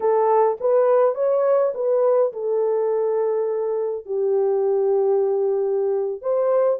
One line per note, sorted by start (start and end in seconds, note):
0.00 0.58 A4
0.60 1.15 B4
1.15 1.72 C#5
1.74 2.32 B4
2.32 4.05 A4
4.05 6.22 G4
6.22 6.79 C5